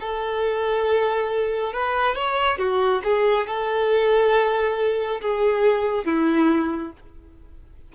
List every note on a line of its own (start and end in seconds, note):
0.00 1.73 A4
1.73 2.15 B4
2.15 2.58 C#5
2.58 3.02 F#4
3.04 3.47 G#4
3.47 5.21 A4
5.21 6.05 G#4
6.05 6.92 E4